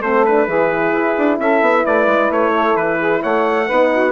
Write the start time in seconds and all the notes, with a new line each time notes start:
0.00 A3 C4 A4 C5
0.26 D4 B4
0.47 E3 E4 G#4
0.93 E4
1.18 D4
1.39 C#4 A4 E5
1.62 B3
1.85 A3 B4 D5
2.07 G#3
2.31 A3 C#5
2.52 A4
2.76 E3 B4
2.99 G#4
3.21 A3 C#5 F#5
3.67 B3 D#4 B4
3.93 F#4